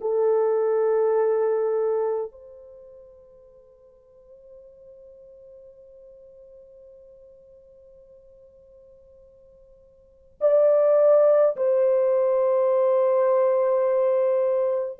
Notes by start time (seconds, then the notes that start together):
0.00 A4
2.31 C5
10.41 D5
11.56 C5